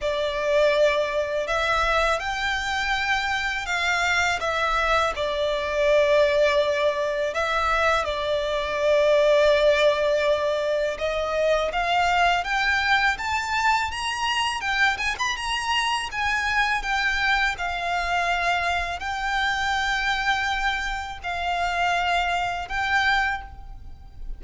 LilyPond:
\new Staff \with { instrumentName = "violin" } { \time 4/4 \tempo 4 = 82 d''2 e''4 g''4~ | g''4 f''4 e''4 d''4~ | d''2 e''4 d''4~ | d''2. dis''4 |
f''4 g''4 a''4 ais''4 | g''8 gis''16 b''16 ais''4 gis''4 g''4 | f''2 g''2~ | g''4 f''2 g''4 | }